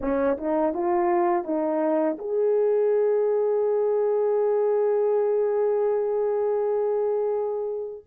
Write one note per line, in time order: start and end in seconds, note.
0.00 0.37 C#4
0.37 0.73 D#4
0.73 1.43 F4
1.43 2.17 D#4
2.18 8.03 G#4